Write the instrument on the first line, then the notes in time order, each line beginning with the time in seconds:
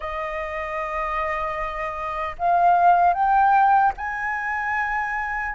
flute
0.00 D#5
2.38 F5
3.13 G5
3.97 G#5